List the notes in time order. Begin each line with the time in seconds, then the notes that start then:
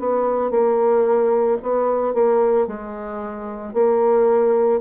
0.00 B3
0.51 A#3
1.63 B3
2.14 A#3
2.67 G#3
3.74 A#3